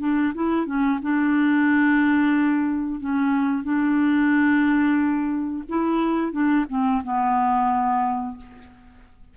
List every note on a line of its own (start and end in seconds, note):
0.00 0.33 D4
0.35 0.66 E4
0.66 0.99 C#4
1.02 3.00 D4
3.00 3.64 C#4
3.64 5.64 D4
5.69 6.32 E4
6.32 6.65 D4
6.69 7.02 C4
7.04 8.37 B3